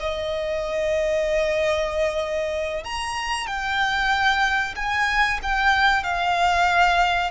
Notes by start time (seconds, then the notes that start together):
0.00 D#5
2.84 A#5
3.47 G5
4.76 G#5
5.43 G5
6.03 F5